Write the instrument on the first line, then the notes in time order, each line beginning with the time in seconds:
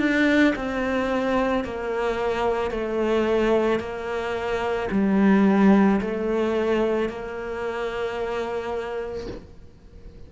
cello
0.00 D4
0.56 C4
1.65 A#3
2.71 A3
3.80 A#3
4.92 G3
6.01 A3
7.10 A#3